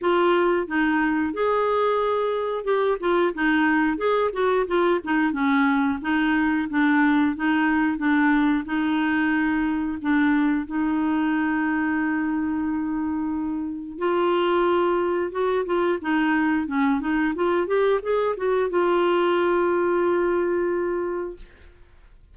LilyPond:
\new Staff \with { instrumentName = "clarinet" } { \time 4/4 \tempo 4 = 90 f'4 dis'4 gis'2 | g'8 f'8 dis'4 gis'8 fis'8 f'8 dis'8 | cis'4 dis'4 d'4 dis'4 | d'4 dis'2 d'4 |
dis'1~ | dis'4 f'2 fis'8 f'8 | dis'4 cis'8 dis'8 f'8 g'8 gis'8 fis'8 | f'1 | }